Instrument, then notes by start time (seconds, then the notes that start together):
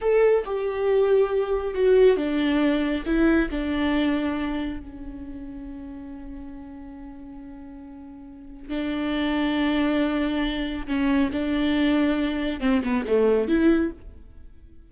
viola
0.01 A4
0.45 G4
1.74 F#4
2.16 D4
3.06 E4
3.50 D4
4.79 C#4
8.69 D4
10.87 C#4
11.31 D4
12.60 C4
12.83 B3
13.07 A3
13.47 E4